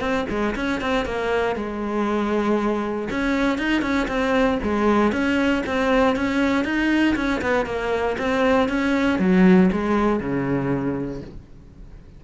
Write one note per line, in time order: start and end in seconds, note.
0.00 0.25 C4
0.30 0.55 G#3
0.56 0.81 C#4
0.81 1.05 C4
1.05 1.56 A#3
1.56 3.09 G#3
3.10 3.58 C#4
3.58 3.82 D#4
3.82 4.07 C#4
4.08 4.59 C4
4.63 5.12 G#3
5.12 5.63 C#4
5.66 6.16 C4
6.16 6.64 C#4
6.64 7.15 D#4
7.16 7.41 C#4
7.41 7.66 B3
7.66 8.17 A#3
8.18 8.69 C4
8.69 9.19 C#4
9.19 9.70 F#3
9.72 10.20 G#3
10.20 11.21 C#3